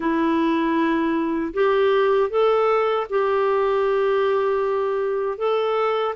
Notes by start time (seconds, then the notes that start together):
0.00 E4
1.53 G4
2.30 A4
3.09 G4
5.38 A4